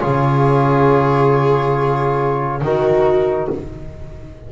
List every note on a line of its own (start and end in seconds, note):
0.00 2.62 C#3
0.00 2.62 F4
0.00 2.62 G#4
0.00 2.61 C#5
2.62 3.49 D#3
2.62 3.51 D#4
2.62 3.53 F#4
2.62 3.51 A#4